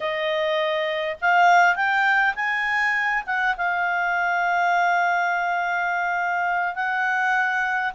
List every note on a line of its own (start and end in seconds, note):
0.00 1.16 D#5
1.21 1.75 F5
1.75 2.34 G5
2.35 3.23 G#5
3.26 3.55 F#5
3.57 6.75 F5
6.75 7.92 F#5